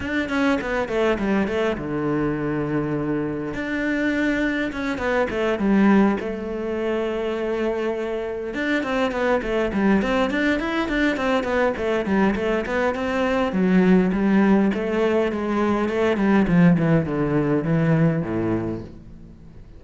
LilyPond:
\new Staff \with { instrumentName = "cello" } { \time 4/4 \tempo 4 = 102 d'8 cis'8 b8 a8 g8 a8 d4~ | d2 d'2 | cis'8 b8 a8 g4 a4.~ | a2~ a8 d'8 c'8 b8 |
a8 g8 c'8 d'8 e'8 d'8 c'8 b8 | a8 g8 a8 b8 c'4 fis4 | g4 a4 gis4 a8 g8 | f8 e8 d4 e4 a,4 | }